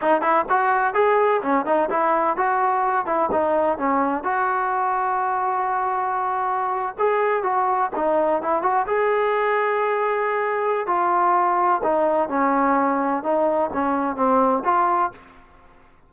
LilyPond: \new Staff \with { instrumentName = "trombone" } { \time 4/4 \tempo 4 = 127 dis'8 e'8 fis'4 gis'4 cis'8 dis'8 | e'4 fis'4. e'8 dis'4 | cis'4 fis'2.~ | fis'2~ fis'8. gis'4 fis'16~ |
fis'8. dis'4 e'8 fis'8 gis'4~ gis'16~ | gis'2. f'4~ | f'4 dis'4 cis'2 | dis'4 cis'4 c'4 f'4 | }